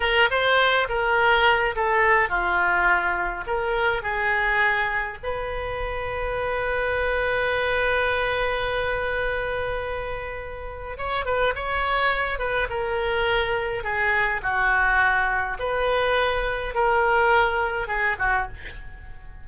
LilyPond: \new Staff \with { instrumentName = "oboe" } { \time 4/4 \tempo 4 = 104 ais'8 c''4 ais'4. a'4 | f'2 ais'4 gis'4~ | gis'4 b'2.~ | b'1~ |
b'2. cis''8 b'8 | cis''4. b'8 ais'2 | gis'4 fis'2 b'4~ | b'4 ais'2 gis'8 fis'8 | }